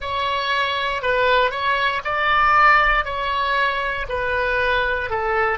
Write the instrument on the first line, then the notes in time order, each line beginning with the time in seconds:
oboe
0.00 C#5
1.02 B4
1.50 C#5
2.04 D5
3.05 C#5
4.08 B4
5.09 A4